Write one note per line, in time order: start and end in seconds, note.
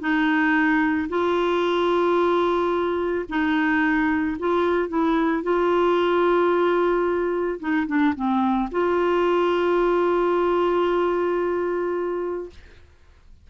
0.00 1.08 D#4
1.09 3.25 F4
3.29 4.37 D#4
4.39 4.89 F4
4.89 5.43 E4
5.43 7.59 F4
7.59 7.86 D#4
7.87 8.14 D4
8.15 8.69 C4
8.71 12.50 F4